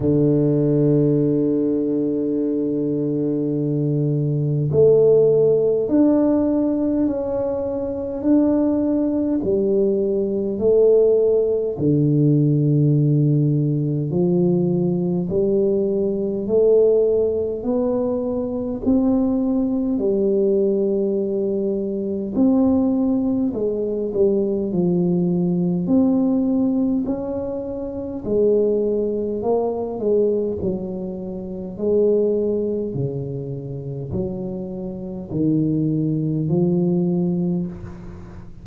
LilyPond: \new Staff \with { instrumentName = "tuba" } { \time 4/4 \tempo 4 = 51 d1 | a4 d'4 cis'4 d'4 | g4 a4 d2 | f4 g4 a4 b4 |
c'4 g2 c'4 | gis8 g8 f4 c'4 cis'4 | gis4 ais8 gis8 fis4 gis4 | cis4 fis4 dis4 f4 | }